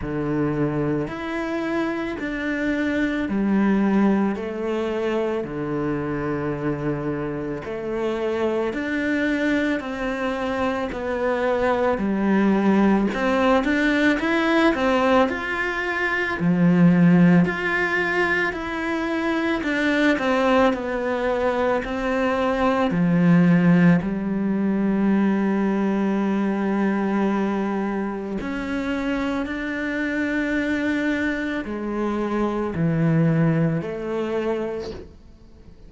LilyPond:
\new Staff \with { instrumentName = "cello" } { \time 4/4 \tempo 4 = 55 d4 e'4 d'4 g4 | a4 d2 a4 | d'4 c'4 b4 g4 | c'8 d'8 e'8 c'8 f'4 f4 |
f'4 e'4 d'8 c'8 b4 | c'4 f4 g2~ | g2 cis'4 d'4~ | d'4 gis4 e4 a4 | }